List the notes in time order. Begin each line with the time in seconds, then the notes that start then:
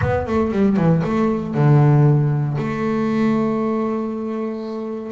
0.01 B3
0.26 A3
0.51 G3
0.76 E3
1.03 A3
1.54 D3
2.58 A3